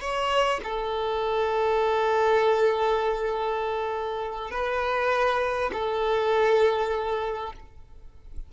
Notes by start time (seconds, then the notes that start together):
0.00 C#5
0.64 A4
4.51 B4
5.72 A4